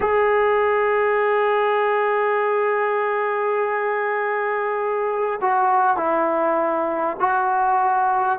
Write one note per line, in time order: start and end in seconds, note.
0.00 5.39 G#4
5.41 5.97 F#4
5.97 7.17 E4
7.19 8.39 F#4